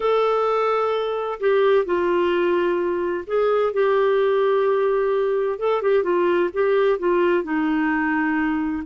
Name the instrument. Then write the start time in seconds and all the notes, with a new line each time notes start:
clarinet
0.00 A4
1.40 G4
1.85 F4
3.26 G#4
3.73 G4
5.58 A4
5.81 G4
6.03 F4
6.53 G4
6.99 F4
7.43 D#4